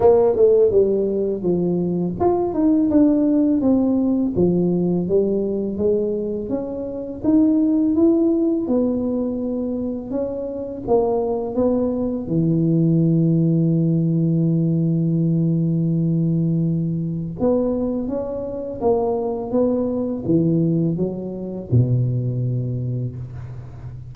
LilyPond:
\new Staff \with { instrumentName = "tuba" } { \time 4/4 \tempo 4 = 83 ais8 a8 g4 f4 f'8 dis'8 | d'4 c'4 f4 g4 | gis4 cis'4 dis'4 e'4 | b2 cis'4 ais4 |
b4 e2.~ | e1 | b4 cis'4 ais4 b4 | e4 fis4 b,2 | }